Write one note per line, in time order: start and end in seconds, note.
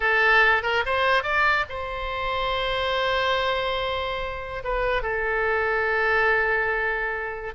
0.00 0.63 A4
0.63 0.84 A#4
0.85 1.23 C5
1.23 1.65 D5
1.69 4.63 C5
4.64 5.02 B4
5.02 7.54 A4